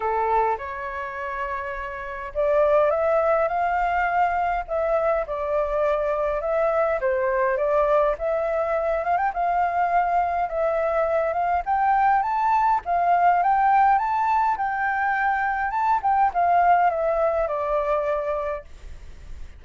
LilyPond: \new Staff \with { instrumentName = "flute" } { \time 4/4 \tempo 4 = 103 a'4 cis''2. | d''4 e''4 f''2 | e''4 d''2 e''4 | c''4 d''4 e''4. f''16 g''16 |
f''2 e''4. f''8 | g''4 a''4 f''4 g''4 | a''4 g''2 a''8 g''8 | f''4 e''4 d''2 | }